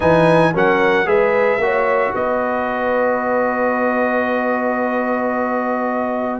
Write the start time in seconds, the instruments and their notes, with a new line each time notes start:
0.00 tuba E3, trombone D#4, horn B4, trumpet G#5
0.53 tuba F#3, trombone C#4, horn A#4, trumpet F#5
1.05 tuba G#3, trombone G#4, horn B4, trumpet E5
1.58 tuba A#3, trombone F#4, horn C#5
2.13 tuba B3, horn B4, trumpet D#5